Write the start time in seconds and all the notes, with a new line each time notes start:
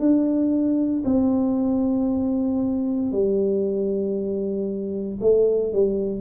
0.00 D4
1.05 C4
3.12 G3
5.21 A3
5.73 G3